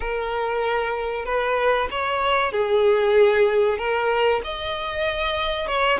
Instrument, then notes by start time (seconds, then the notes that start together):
violin
0.00 A#4
1.25 B4
1.91 C#5
2.51 G#4
3.78 A#4
4.44 D#5
5.67 C#5